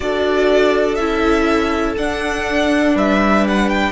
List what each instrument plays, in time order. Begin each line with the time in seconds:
0.00 cello D4, viola F#4, violin A4 D5
0.94 cello C#4, viola E4, violin E5
1.97 viola D4, cello D4, violin F#5
2.95 cello G3, violin B4 E5
3.47 violin F#5
3.69 violin G5